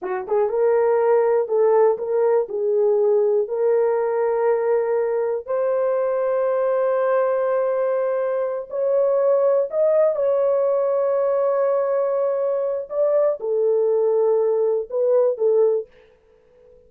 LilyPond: \new Staff \with { instrumentName = "horn" } { \time 4/4 \tempo 4 = 121 fis'8 gis'8 ais'2 a'4 | ais'4 gis'2 ais'4~ | ais'2. c''4~ | c''1~ |
c''4. cis''2 dis''8~ | dis''8 cis''2.~ cis''8~ | cis''2 d''4 a'4~ | a'2 b'4 a'4 | }